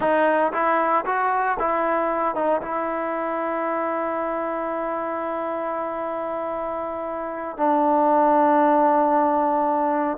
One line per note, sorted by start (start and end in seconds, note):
0.00 0.52 D#4
0.52 1.05 E4
1.05 1.57 F#4
1.59 2.35 E4
2.35 2.61 D#4
2.61 7.57 E4
7.57 10.17 D4